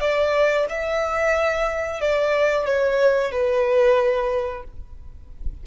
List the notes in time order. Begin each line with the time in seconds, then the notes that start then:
0.00 D5
0.69 E5
2.00 D5
2.65 C#5
3.31 B4